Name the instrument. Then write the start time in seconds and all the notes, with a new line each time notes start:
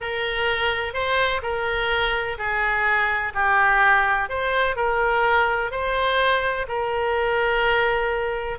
oboe
0.00 A#4
0.93 C5
1.42 A#4
2.37 G#4
3.34 G4
4.29 C5
4.76 A#4
5.71 C5
6.68 A#4